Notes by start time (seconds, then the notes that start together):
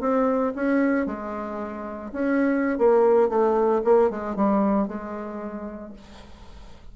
0.00 C4
0.55 C#4
1.06 G#3
2.12 C#4
2.78 A#3
3.29 A3
3.84 A#3
4.10 G#3
4.36 G3
4.87 G#3